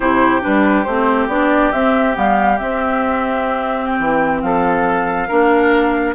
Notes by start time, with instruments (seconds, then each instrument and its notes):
0.00 bassoon C3, clarinet E4, oboe G4, flute C5
0.41 bassoon G3, clarinet D4, flute B4
0.83 bassoon A3, clarinet C4, flute C5
1.28 bassoon B3, clarinet D4, flute D5
1.72 bassoon C4, clarinet C4, flute E5
2.13 bassoon G3, clarinet B3, flute F5
2.58 clarinet C4, bassoon C4, flute E5
3.86 flute G5
3.99 bassoon E3
4.41 bassoon F3, oboe A4, flute F5
5.28 bassoon A#3, clarinet D4, oboe A#4